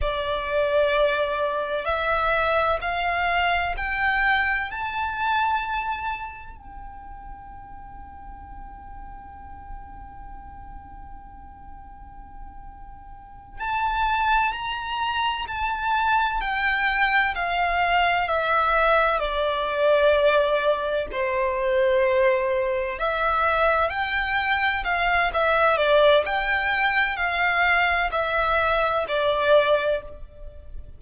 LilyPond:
\new Staff \with { instrumentName = "violin" } { \time 4/4 \tempo 4 = 64 d''2 e''4 f''4 | g''4 a''2 g''4~ | g''1~ | g''2~ g''8 a''4 ais''8~ |
ais''8 a''4 g''4 f''4 e''8~ | e''8 d''2 c''4.~ | c''8 e''4 g''4 f''8 e''8 d''8 | g''4 f''4 e''4 d''4 | }